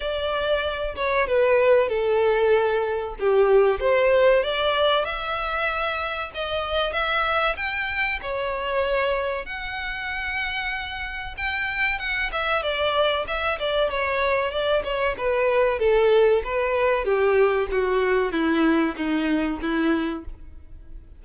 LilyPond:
\new Staff \with { instrumentName = "violin" } { \time 4/4 \tempo 4 = 95 d''4. cis''8 b'4 a'4~ | a'4 g'4 c''4 d''4 | e''2 dis''4 e''4 | g''4 cis''2 fis''4~ |
fis''2 g''4 fis''8 e''8 | d''4 e''8 d''8 cis''4 d''8 cis''8 | b'4 a'4 b'4 g'4 | fis'4 e'4 dis'4 e'4 | }